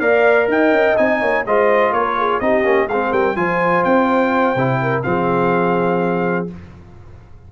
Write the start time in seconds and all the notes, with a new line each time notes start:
0.00 A#3 A#4 D5 F5
0.48 D#4 D#5 G5
0.71 C#4
0.97 C4 D#4 G#5
1.20 A#3 C#5
1.46 G#3 F4 C5 D#5
1.92 A#3 A#4 C#5
2.19 G#4
2.40 C4 D#4 G4 D#5
2.64 A#3 C#4
2.88 G#3 C4 G#4 F5
3.12 G3 A#4 G5
3.36 F3 F4 C5 G#5
3.84 C4 G5
4.56 C3 E4
4.82 A#4
5.03 F3 C4 G#4 F5